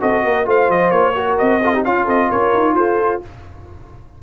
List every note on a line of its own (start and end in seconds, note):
0.00 0.24 C4
0.00 0.45 F#4
0.00 0.24 A4
0.00 0.47 D#5
0.24 0.46 A#3
0.24 0.47 A#4
0.45 0.69 A3
0.45 1.14 F4
0.45 1.16 C5
0.45 0.71 F5
0.69 0.92 F3
0.69 0.91 D#5
0.91 1.37 A#3
0.91 1.37 C#5
1.15 1.61 F#4
1.15 1.62 A#4
1.38 1.85 C4
1.38 1.84 D#5
1.62 1.75 F4
1.62 1.73 A4
1.73 1.85 D#4
1.73 1.85 G4
1.84 2.07 C#4
1.84 3.23 F4
1.84 2.04 F4
1.84 2.07 F5
2.04 2.30 C4
2.04 2.27 A4
2.04 2.31 D#5
2.29 2.54 C#4
2.29 2.75 A#4
2.29 2.76 C#5
2.54 2.75 D#4
2.75 3.20 F4
2.75 3.23 A4
2.75 3.21 C5